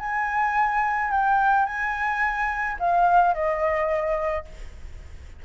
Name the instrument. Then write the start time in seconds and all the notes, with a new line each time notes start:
flute
0.00 G#5
1.11 G5
1.66 G#5
2.79 F5
3.34 D#5